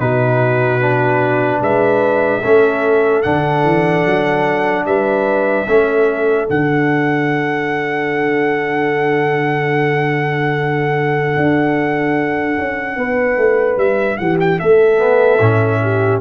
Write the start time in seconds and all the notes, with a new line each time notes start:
0.00 B2 D#4 F#4 B4
0.81 D4
1.62 G#3 B4 E5
2.41 A3 C#4 A4
3.23 D3 D4 F#5
3.64 E3
4.06 F#3
4.86 G3 B4 E5
5.68 A3 C#4 A4
6.49 D3 D4 F#5
11.37 D4
12.59 C#4
12.97 B3 B4
13.38 A3
13.78 G3 E5
14.18 E3 G4 F#5
14.40 G5
14.60 A3 A4 E5
14.99 B3
15.41 A2 C#4
15.83 G4